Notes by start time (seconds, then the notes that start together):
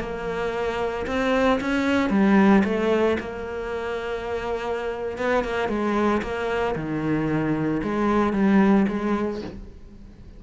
0.00 A#3
1.07 C4
1.61 C#4
2.10 G3
2.65 A3
3.20 A#3
5.18 B3
5.44 A#3
5.69 G#3
6.22 A#3
6.76 D#3
7.83 G#3
8.33 G3
8.88 G#3